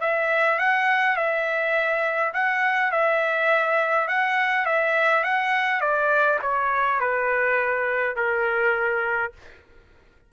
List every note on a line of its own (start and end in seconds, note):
0.00 0.58 E5
0.58 1.16 F#5
1.16 2.32 E5
2.33 2.91 F#5
2.91 4.08 E5
4.08 4.65 F#5
4.65 5.23 E5
5.23 5.80 F#5
5.80 6.39 D5
6.42 7.00 C#5
7.00 8.16 B4
8.16 9.32 A#4